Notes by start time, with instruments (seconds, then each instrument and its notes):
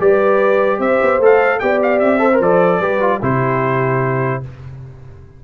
0.00 tuba G3, trombone G4, horn B4, trumpet D5
0.79 tuba C4, horn C5, trumpet E5
1.02 tuba B3
1.19 tuba A3, trombone A4
1.25 trumpet F5
1.59 tuba B3, trombone G4, horn D5, trumpet G5
1.83 trumpet F5
1.99 tuba C4, trumpet E5
2.19 trombone A4, horn C5
2.34 trombone A#4
2.41 tuba F3, trombone A4, trumpet D5
2.80 tuba G3, trombone G4, horn B4
3.01 trombone F4
3.22 tuba C3, trombone E4, horn G4, trumpet C5